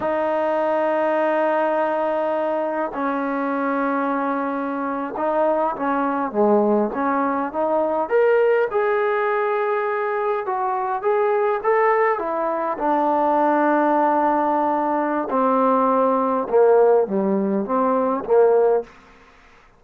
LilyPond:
\new Staff \with { instrumentName = "trombone" } { \time 4/4 \tempo 4 = 102 dis'1~ | dis'4 cis'2.~ | cis'8. dis'4 cis'4 gis4 cis'16~ | cis'8. dis'4 ais'4 gis'4~ gis'16~ |
gis'4.~ gis'16 fis'4 gis'4 a'16~ | a'8. e'4 d'2~ d'16~ | d'2 c'2 | ais4 g4 c'4 ais4 | }